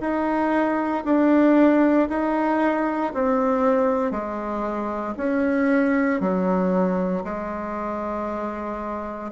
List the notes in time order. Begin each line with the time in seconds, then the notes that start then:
0.00 D#4
1.05 D4
2.09 D#4
3.14 C4
4.11 G#3
5.17 C#4
6.20 F#3
7.24 G#3